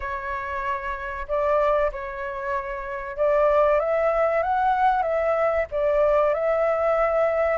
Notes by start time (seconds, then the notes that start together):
0.00 C#5
1.28 D5
1.92 C#5
3.17 D5
3.79 E5
4.42 F#5
5.02 E5
5.71 D5
6.34 E5